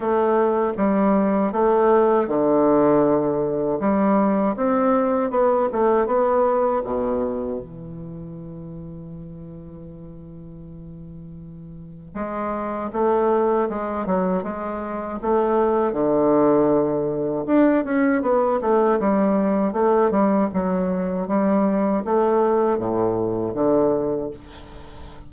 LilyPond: \new Staff \with { instrumentName = "bassoon" } { \time 4/4 \tempo 4 = 79 a4 g4 a4 d4~ | d4 g4 c'4 b8 a8 | b4 b,4 e2~ | e1 |
gis4 a4 gis8 fis8 gis4 | a4 d2 d'8 cis'8 | b8 a8 g4 a8 g8 fis4 | g4 a4 a,4 d4 | }